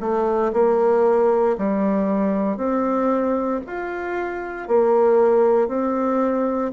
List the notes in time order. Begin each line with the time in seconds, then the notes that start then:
0.00 A3
0.53 A#3
1.58 G3
2.57 C4
3.66 F4
4.67 A#3
5.68 C4